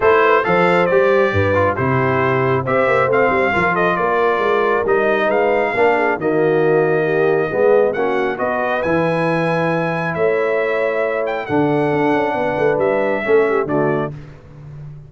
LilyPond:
<<
  \new Staff \with { instrumentName = "trumpet" } { \time 4/4 \tempo 4 = 136 c''4 f''4 d''2 | c''2 e''4 f''4~ | f''8 dis''8 d''2 dis''4 | f''2 dis''2~ |
dis''2 fis''4 dis''4 | gis''2. e''4~ | e''4. g''8 fis''2~ | fis''4 e''2 d''4 | }
  \new Staff \with { instrumentName = "horn" } { \time 4/4 a'8 b'8 c''2 b'4 | g'2 c''2 | ais'8 a'8 ais'2. | b'4 ais'8 gis'8 fis'2 |
g'4 gis'4 fis'4 b'4~ | b'2. cis''4~ | cis''2 a'2 | b'2 a'8 g'8 fis'4 | }
  \new Staff \with { instrumentName = "trombone" } { \time 4/4 e'4 a'4 g'4. f'8 | e'2 g'4 c'4 | f'2. dis'4~ | dis'4 d'4 ais2~ |
ais4 b4 cis'4 fis'4 | e'1~ | e'2 d'2~ | d'2 cis'4 a4 | }
  \new Staff \with { instrumentName = "tuba" } { \time 4/4 a4 f4 g4 g,4 | c2 c'8 ais8 a8 g8 | f4 ais4 gis4 g4 | gis4 ais4 dis2~ |
dis4 gis4 ais4 b4 | e2. a4~ | a2 d4 d'8 cis'8 | b8 a8 g4 a4 d4 | }
>>